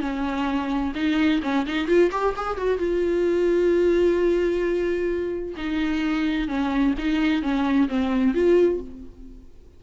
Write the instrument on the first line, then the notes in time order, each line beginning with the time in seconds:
viola
0.00 C#4
0.95 D#4
1.42 C#4
1.66 D#4
1.87 F4
2.11 G4
2.36 G#4
2.57 F#4
2.78 F4
5.57 D#4
6.48 C#4
6.98 D#4
7.42 C#4
7.89 C4
8.34 F4